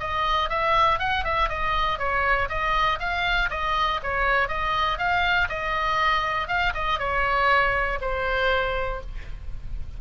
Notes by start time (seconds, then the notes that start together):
0.00 D#5
0.50 E5
0.99 F#5
1.25 E5
1.49 D#5
1.99 C#5
2.49 D#5
3.00 F5
3.50 D#5
4.03 C#5
4.48 D#5
4.98 F5
5.49 D#5
6.48 F5
6.75 D#5
6.99 C#5
8.01 C5